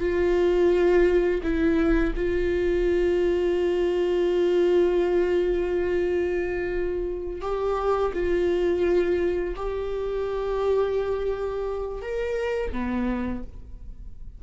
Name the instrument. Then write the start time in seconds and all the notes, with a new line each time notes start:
viola
0.00 F4
1.43 E4
2.16 F4
7.42 G4
8.13 F4
9.56 G4
12.02 A#4
12.73 B3